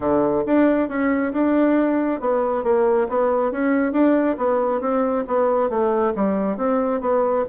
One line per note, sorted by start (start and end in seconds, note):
0.00 0.43 D3
0.46 0.88 D4
0.88 1.32 C#4
1.33 2.20 D4
2.20 2.63 B3
2.63 3.07 A#3
3.09 3.51 B3
3.51 3.92 C#4
3.92 4.36 D4
4.37 4.80 B3
4.80 5.24 C4
5.27 5.69 B3
5.69 6.13 A3
6.15 6.57 G3
6.57 7.01 C4
7.01 7.44 B3